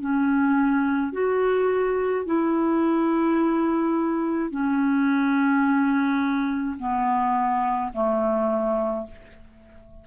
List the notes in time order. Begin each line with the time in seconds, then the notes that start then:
0.00 C#4
1.12 F#4
2.25 E4
4.50 C#4
6.78 B3
7.92 A3